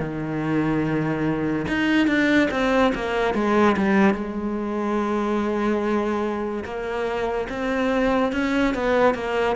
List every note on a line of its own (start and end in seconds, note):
0.00 1.67 D#3
1.69 2.08 D#4
2.08 2.49 D4
2.51 2.93 C4
2.95 3.34 A#3
3.34 3.76 G#3
3.77 4.14 G3
4.14 6.64 G#3
6.64 7.48 A#3
7.49 8.33 C4
8.33 8.75 C#4
8.75 9.15 B3
9.15 9.56 A#3